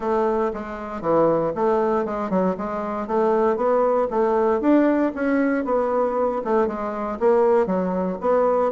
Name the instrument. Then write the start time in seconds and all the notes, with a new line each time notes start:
bassoon
0.00 A3
0.53 G#3
1.01 E3
1.55 A3
2.05 G#3
2.29 F#3
2.57 G#3
3.07 A3
3.56 B3
4.10 A3
4.61 D4
5.14 C#4
5.65 B3
6.44 A3
6.67 G#3
7.19 A#3
7.66 F#3
8.20 B3